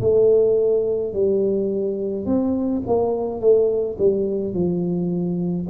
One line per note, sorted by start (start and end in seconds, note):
0.00 1.13 A3
1.13 2.25 G3
2.25 2.82 C4
2.87 3.40 A#3
3.40 3.97 A3
3.98 4.54 G3
4.54 5.67 F3